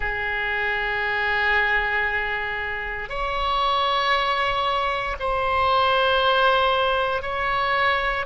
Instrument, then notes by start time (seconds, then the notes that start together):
oboe
0.00 G#4
3.08 C#5
5.19 C5
7.22 C#5